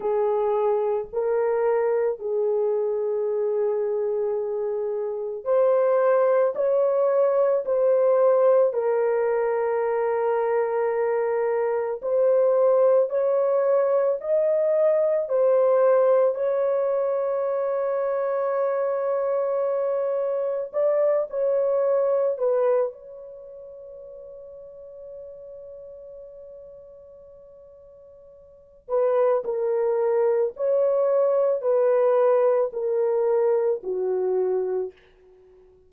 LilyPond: \new Staff \with { instrumentName = "horn" } { \time 4/4 \tempo 4 = 55 gis'4 ais'4 gis'2~ | gis'4 c''4 cis''4 c''4 | ais'2. c''4 | cis''4 dis''4 c''4 cis''4~ |
cis''2. d''8 cis''8~ | cis''8 b'8 cis''2.~ | cis''2~ cis''8 b'8 ais'4 | cis''4 b'4 ais'4 fis'4 | }